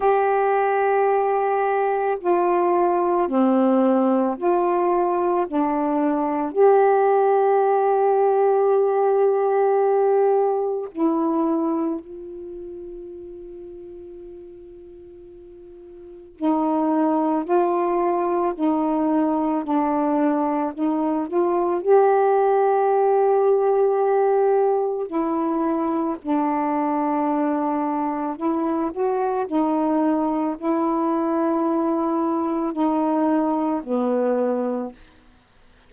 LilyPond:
\new Staff \with { instrumentName = "saxophone" } { \time 4/4 \tempo 4 = 55 g'2 f'4 c'4 | f'4 d'4 g'2~ | g'2 e'4 f'4~ | f'2. dis'4 |
f'4 dis'4 d'4 dis'8 f'8 | g'2. e'4 | d'2 e'8 fis'8 dis'4 | e'2 dis'4 b4 | }